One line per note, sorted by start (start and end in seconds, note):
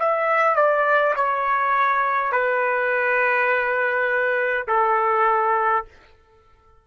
0.00 0.56 E5
0.56 1.15 D5
1.16 2.33 C#5
2.33 4.68 B4
4.68 5.86 A4